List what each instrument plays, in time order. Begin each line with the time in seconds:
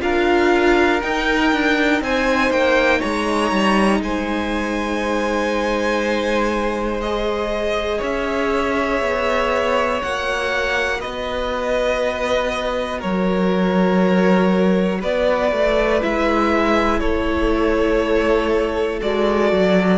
0.00 cello D4, viola F4, violin A#4 F5
1.01 viola D#4, cello D#4, violin G5
1.52 cello D4
2.01 cello C4, violin C5 G#5
2.50 cello A#3, violin G5
2.99 cello G#3, violin C#5 A#5
3.51 cello G3
4.00 cello G#3, violin C5 G#5
7.00 viola G#4, violin D#5
7.97 cello C#4, violin C#5 E5
9.01 cello B3
9.99 cello A#3, viola F#4, violin F#5
11.00 cello B3, violin B4 D#5
12.98 cello F#3, violin A#4 C#5
15.00 cello B3, violin B4 D5
15.51 cello A3
16.01 cello G#3, viola E4, violin E5
17.00 cello A3, violin A4 C#5
19.01 cello G#3, viola F#4, violin D5
19.52 cello F#3